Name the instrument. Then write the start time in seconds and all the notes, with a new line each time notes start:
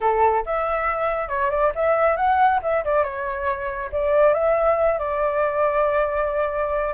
flute
0.00 A4
0.45 E5
1.28 C#5
1.50 D5
1.75 E5
2.16 F#5
2.62 E5
2.84 D5
3.03 C#5
3.92 D5
4.33 E5
4.98 D5